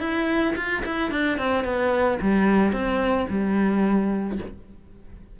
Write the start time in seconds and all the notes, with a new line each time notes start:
0.00 E4
0.56 F4
0.86 E4
1.12 D4
1.39 C4
1.65 B3
2.22 G3
2.73 C4
3.30 G3